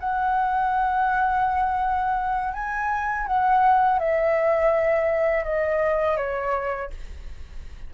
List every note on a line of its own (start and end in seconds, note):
0.00 2.54 F#5
2.54 3.27 G#5
3.27 3.99 F#5
3.99 5.44 E5
5.44 6.17 D#5
6.17 6.90 C#5